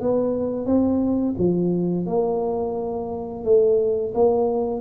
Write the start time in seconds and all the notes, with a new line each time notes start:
0.00 B3
0.66 C4
1.38 F3
2.06 A#3
3.44 A3
4.14 A#3